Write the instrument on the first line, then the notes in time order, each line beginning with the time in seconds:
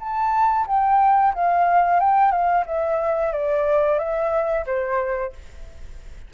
flute
0.00 A5
0.68 G5
1.35 F5
2.00 G5
2.32 F5
2.66 E5
3.33 D5
3.99 E5
4.66 C5